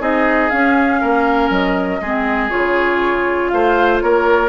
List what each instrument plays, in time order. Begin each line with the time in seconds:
0.00 bassoon C4, clarinet D#4, oboe G#4, flute D#5
0.50 clarinet C#4, bassoon C#4, flute F5
1.00 bassoon A#3, oboe A#4
1.50 bassoon F#3, flute D#5
2.01 bassoon G#3, clarinet C4, oboe G#4
2.50 bassoon C#3, clarinet F4, flute C#5
3.48 bassoon A3, oboe C5, flute F5
4.01 bassoon A#3, oboe A#4, flute C#5